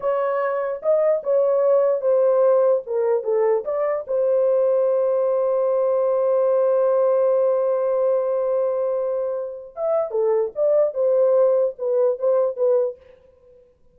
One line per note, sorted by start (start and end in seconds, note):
0.00 0.81 C#5
0.82 1.22 D#5
1.23 2.01 C#5
2.01 2.82 C5
2.86 3.23 A#4
3.23 3.64 A4
3.64 4.05 D5
4.07 9.74 C5
9.75 10.11 E5
10.11 10.51 A4
10.55 10.93 D5
10.93 11.75 C5
11.78 12.18 B4
12.19 12.56 C5
12.56 12.96 B4